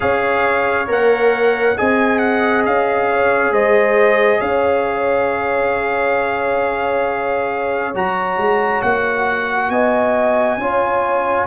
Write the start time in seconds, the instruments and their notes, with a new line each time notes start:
0.00 tuba C#4, trombone G#4, horn C#5, trumpet F5
0.86 tuba A#3, trombone A#4, trumpet F#5
1.77 tuba C4, trombone G#4, horn D#5, trumpet G#5
2.18 trumpet F#5
2.65 tuba C#4, trumpet F5
3.10 horn C#5
3.50 tuba G#3, horn C5, trumpet D#5
4.39 tuba C#4, horn C#5, trumpet F5
7.94 tuba F#3, trombone F#4, trumpet A#5
8.37 tuba G#3
8.82 tuba A#3, trumpet F#5
9.69 tuba B3, horn D#5, trumpet G#5
10.57 tuba C#4, trombone F4, horn C#5